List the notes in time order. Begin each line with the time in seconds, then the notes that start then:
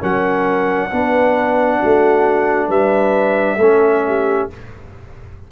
0.00 F#3 C#4 A#4 F#5
0.90 B3 D4 B4
1.79 A3 F#4
2.68 G3 B4 E5
3.57 A3 C#4 A4
4.07 G4